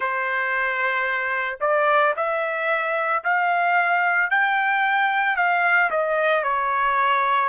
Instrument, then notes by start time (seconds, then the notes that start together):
trumpet
0.00 C5
1.60 D5
2.16 E5
3.23 F5
4.30 G5
5.36 F5
5.90 D#5
6.43 C#5